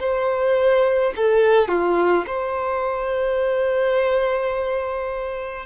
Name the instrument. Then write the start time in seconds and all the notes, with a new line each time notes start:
violin
0.00 C5
1.16 A4
1.68 F4
2.27 C5